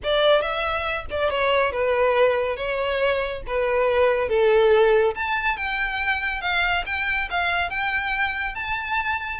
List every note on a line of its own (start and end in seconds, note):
0.03 0.41 D5
0.41 1.05 E5
1.10 1.30 D5
1.30 1.72 C#5
1.72 2.56 B4
2.56 3.42 C#5
3.46 4.29 B4
4.29 5.14 A4
5.15 5.56 A5
5.56 6.41 G5
6.41 6.84 F5
6.86 7.29 G5
7.30 7.70 F5
7.70 8.55 G5
8.55 9.40 A5